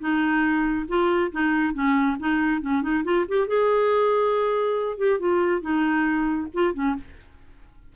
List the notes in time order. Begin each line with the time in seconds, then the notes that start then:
0.00 D#4
0.88 F4
1.32 D#4
1.74 C#4
2.19 D#4
2.62 C#4
2.82 D#4
3.04 F4
3.28 G4
3.47 G#4
4.98 G4
5.19 F4
5.61 D#4
6.54 F4
6.74 C#4